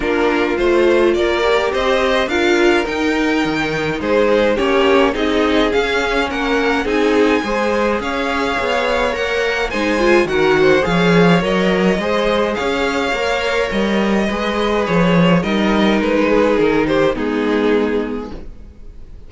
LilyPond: <<
  \new Staff \with { instrumentName = "violin" } { \time 4/4 \tempo 4 = 105 ais'4 c''4 d''4 dis''4 | f''4 g''2 c''4 | cis''4 dis''4 f''4 fis''4 | gis''2 f''2 |
fis''4 gis''4 fis''4 f''4 | dis''2 f''2 | dis''2 cis''4 dis''4 | b'4 ais'8 c''8 gis'2 | }
  \new Staff \with { instrumentName = "violin" } { \time 4/4 f'2 ais'4 c''4 | ais'2. gis'4 | g'4 gis'2 ais'4 | gis'4 c''4 cis''2~ |
cis''4 c''4 ais'8 c''8 cis''4~ | cis''4 c''4 cis''2~ | cis''4 b'2 ais'4~ | ais'8 gis'4 g'8 dis'2 | }
  \new Staff \with { instrumentName = "viola" } { \time 4/4 d'4 f'4. g'4. | f'4 dis'2. | cis'4 dis'4 cis'2 | dis'4 gis'2. |
ais'4 dis'8 f'8 fis'4 gis'4 | ais'4 gis'2 ais'4~ | ais'4 gis'2 dis'4~ | dis'2 b2 | }
  \new Staff \with { instrumentName = "cello" } { \time 4/4 ais4 a4 ais4 c'4 | d'4 dis'4 dis4 gis4 | ais4 c'4 cis'4 ais4 | c'4 gis4 cis'4 b4 |
ais4 gis4 dis4 f4 | fis4 gis4 cis'4 ais4 | g4 gis4 f4 g4 | gis4 dis4 gis2 | }
>>